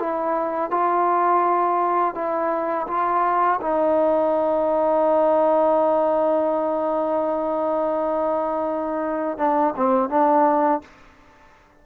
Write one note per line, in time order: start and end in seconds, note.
0.00 0.71 E4
0.71 2.15 F4
2.15 2.87 E4
2.88 3.60 F4
3.61 9.38 D#4
9.38 9.75 D4
9.76 10.10 C4
10.10 10.82 D4